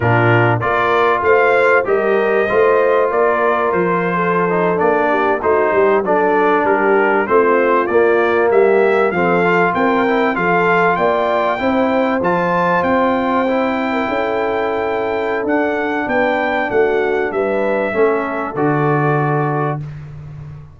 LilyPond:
<<
  \new Staff \with { instrumentName = "trumpet" } { \time 4/4 \tempo 4 = 97 ais'4 d''4 f''4 dis''4~ | dis''4 d''4 c''4.~ c''16 d''16~ | d''8. c''4 d''4 ais'4 c''16~ | c''8. d''4 e''4 f''4 g''16~ |
g''8. f''4 g''2 a''16~ | a''8. g''2.~ g''16~ | g''4 fis''4 g''4 fis''4 | e''2 d''2 | }
  \new Staff \with { instrumentName = "horn" } { \time 4/4 f'4 ais'4 c''4 ais'4 | c''4 ais'4.~ ais'16 a'4~ a'16~ | a'16 g'8 fis'8 g'8 a'4 g'4 f'16~ | f'4.~ f'16 g'4 a'4 ais'16~ |
ais'8. a'4 d''4 c''4~ c''16~ | c''2~ c''8 ais'16 a'4~ a'16~ | a'2 b'4 fis'4 | b'4 a'2. | }
  \new Staff \with { instrumentName = "trombone" } { \time 4/4 d'4 f'2 g'4 | f'2.~ f'16 dis'8 d'16~ | d'8. dis'4 d'2 c'16~ | c'8. ais2 c'8 f'8.~ |
f'16 e'8 f'2 e'4 f'16~ | f'4.~ f'16 e'2~ e'16~ | e'4 d'2.~ | d'4 cis'4 fis'2 | }
  \new Staff \with { instrumentName = "tuba" } { \time 4/4 ais,4 ais4 a4 g4 | a4 ais4 f4.~ f16 ais16~ | ais8. a8 g8 fis4 g4 a16~ | a8. ais4 g4 f4 c'16~ |
c'8. f4 ais4 c'4 f16~ | f8. c'2 cis'4~ cis'16~ | cis'4 d'4 b4 a4 | g4 a4 d2 | }
>>